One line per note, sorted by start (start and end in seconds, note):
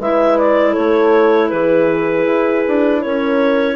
0.00 0.76 G#3
0.00 3.76 E4
0.00 0.71 B4
0.00 0.38 E5
0.38 0.74 D5
0.71 1.47 A4
0.71 1.49 C#5
0.78 1.52 A3
1.49 2.26 E3
1.49 3.03 G#4
1.49 3.01 B4
2.26 2.64 E4
2.68 3.06 D4
3.01 3.76 C#4
3.01 3.76 A#4
3.01 3.76 C#5